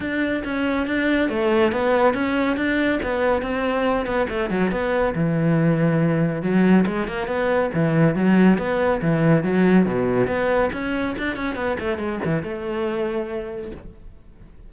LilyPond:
\new Staff \with { instrumentName = "cello" } { \time 4/4 \tempo 4 = 140 d'4 cis'4 d'4 a4 | b4 cis'4 d'4 b4 | c'4. b8 a8 fis8 b4 | e2. fis4 |
gis8 ais8 b4 e4 fis4 | b4 e4 fis4 b,4 | b4 cis'4 d'8 cis'8 b8 a8 | gis8 e8 a2. | }